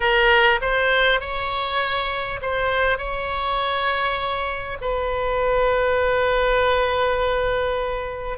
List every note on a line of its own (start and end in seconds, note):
0.00 0.59 A#4
0.61 1.20 C5
1.20 2.40 C#5
2.41 2.98 C5
2.98 4.78 C#5
4.81 8.38 B4